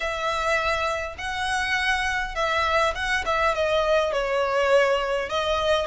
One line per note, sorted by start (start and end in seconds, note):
0.00 1.15 E5
1.18 2.35 F#5
2.35 2.94 E5
2.94 3.24 F#5
3.25 3.55 E5
3.55 4.12 D#5
4.12 5.29 C#5
5.29 5.86 D#5